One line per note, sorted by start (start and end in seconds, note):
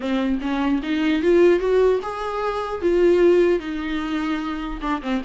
0.00 0.39 C4
0.41 0.81 C#4
0.83 1.22 D#4
1.22 1.59 F4
1.59 2.00 F#4
2.02 2.81 G#4
2.81 3.59 F4
3.59 4.80 D#4
4.81 5.01 D4
5.02 5.22 C4